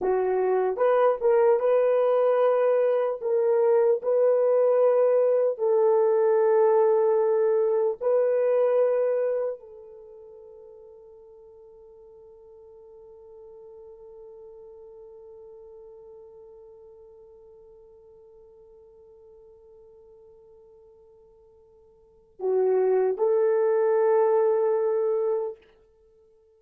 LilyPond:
\new Staff \with { instrumentName = "horn" } { \time 4/4 \tempo 4 = 75 fis'4 b'8 ais'8 b'2 | ais'4 b'2 a'4~ | a'2 b'2 | a'1~ |
a'1~ | a'1~ | a'1 | fis'4 a'2. | }